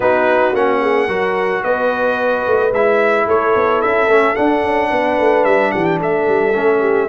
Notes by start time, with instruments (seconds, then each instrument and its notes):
0.00 tuba B3, trombone D#4, horn F#4, trumpet B4
0.52 tuba A#3, trombone C#4, trumpet F#5
0.81 horn G#4
1.07 tuba F#3, trombone F#4, horn A#4
1.63 tuba B3, horn B4, trumpet D#5
2.47 tuba A3
2.71 tuba G#3, trombone E4, trumpet E5
3.26 tuba A3, horn A4, trumpet C#5
3.55 tuba B3
3.81 tuba C#4, trumpet E5
4.07 tuba A3, trombone C#4
4.35 trombone D4, tuba D4, trumpet F#5
4.63 tuba C#4
4.89 tuba B3, horn B4
5.18 tuba A3
5.44 tuba G3, trumpet E5
5.71 tuba E3, horn G4, trumpet F#5
5.84 trumpet G5
6.00 tuba A3, horn A4, trumpet E5
6.27 tuba G3
6.54 tuba A3, trombone C#4
6.80 horn G4